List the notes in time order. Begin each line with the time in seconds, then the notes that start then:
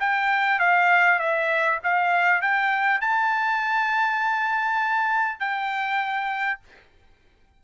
0.00 G5
0.59 F5
1.19 E5
1.83 F5
2.42 G5
3.01 A5
5.39 G5